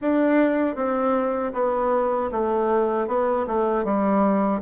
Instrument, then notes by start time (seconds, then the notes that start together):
bassoon
0.01 D4
0.75 C4
1.53 B3
2.31 A3
3.07 B3
3.47 A3
3.84 G3